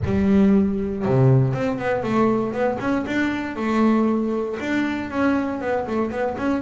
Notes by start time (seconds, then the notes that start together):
0.05 G3
1.05 C3
1.53 C4
1.78 B3
2.03 A3
2.52 B3
2.79 C#4
3.06 D4
3.56 A3
4.59 D4
5.10 C#4
5.60 B3
5.86 A3
6.10 B3
6.37 C#4